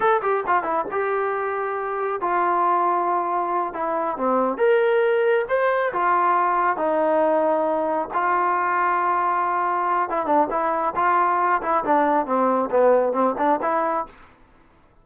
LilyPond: \new Staff \with { instrumentName = "trombone" } { \time 4/4 \tempo 4 = 137 a'8 g'8 f'8 e'8 g'2~ | g'4 f'2.~ | f'8 e'4 c'4 ais'4.~ | ais'8 c''4 f'2 dis'8~ |
dis'2~ dis'8 f'4.~ | f'2. e'8 d'8 | e'4 f'4. e'8 d'4 | c'4 b4 c'8 d'8 e'4 | }